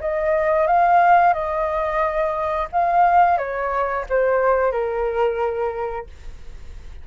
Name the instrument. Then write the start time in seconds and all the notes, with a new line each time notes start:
flute
0.00 D#5
0.67 F5
1.33 D#5
2.72 F5
3.38 C#5
4.09 C5
4.72 A#4